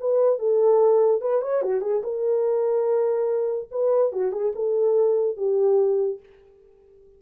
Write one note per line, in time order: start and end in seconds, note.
0.00 0.39 B4
0.39 1.21 A4
1.21 1.42 B4
1.42 1.62 C#5
1.62 1.82 F#4
1.82 2.02 G#4
2.03 3.69 A#4
3.71 4.12 B4
4.13 4.32 F#4
4.32 4.53 G#4
4.55 5.37 A4
5.37 6.20 G4